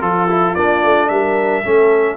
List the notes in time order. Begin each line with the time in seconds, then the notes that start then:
0.00 F3 F4 A4
0.29 E4
0.54 A#3 D4 D5
0.83 A3
1.08 G3 A#4 E5
1.63 A3 C#4 A4